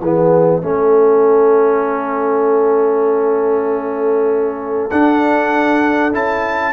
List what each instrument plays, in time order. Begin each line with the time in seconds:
0.00 tuba E3, trombone B3, horn G#4, trumpet E5
0.62 tuba A3, trombone C#4, horn A4
4.90 tuba D4, trombone D4, trumpet F#5
6.13 tuba C#4, trombone E4, trumpet A5